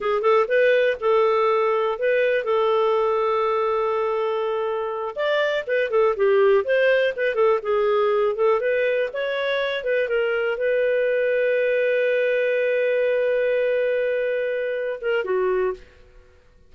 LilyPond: \new Staff \with { instrumentName = "clarinet" } { \time 4/4 \tempo 4 = 122 gis'8 a'8 b'4 a'2 | b'4 a'2.~ | a'2~ a'8 d''4 b'8 | a'8 g'4 c''4 b'8 a'8 gis'8~ |
gis'4 a'8 b'4 cis''4. | b'8 ais'4 b'2~ b'8~ | b'1~ | b'2~ b'8 ais'8 fis'4 | }